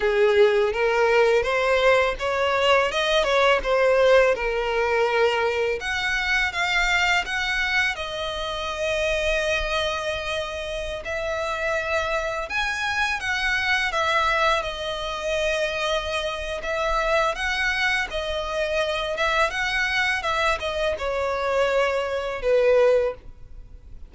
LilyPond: \new Staff \with { instrumentName = "violin" } { \time 4/4 \tempo 4 = 83 gis'4 ais'4 c''4 cis''4 | dis''8 cis''8 c''4 ais'2 | fis''4 f''4 fis''4 dis''4~ | dis''2.~ dis''16 e''8.~ |
e''4~ e''16 gis''4 fis''4 e''8.~ | e''16 dis''2~ dis''8. e''4 | fis''4 dis''4. e''8 fis''4 | e''8 dis''8 cis''2 b'4 | }